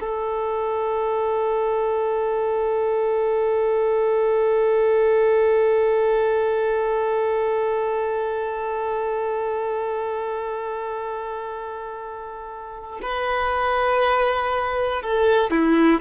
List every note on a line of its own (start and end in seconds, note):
0.00 13.00 A4
13.02 15.02 B4
15.02 15.51 A4
15.51 16.01 E4